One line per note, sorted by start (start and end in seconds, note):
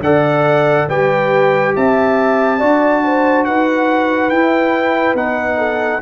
0.00 0.86 D3
0.00 0.90 A4
0.00 0.89 D5
0.00 0.88 F#5
0.88 1.74 G3
0.88 2.60 G4
0.88 1.74 B4
0.88 1.75 G5
1.76 2.62 C4
1.76 2.59 E5
1.76 3.45 A5
2.59 3.47 D4
2.59 4.31 F#4
2.59 3.01 D5
3.03 3.46 C5
3.45 4.31 D#4
3.45 5.58 B4
3.45 4.29 F#5
4.29 5.14 E4
4.29 5.16 E4
4.29 5.15 G5
5.14 6.00 B3
5.14 6.02 D#4
5.14 6.02 F#5
5.58 6.01 A4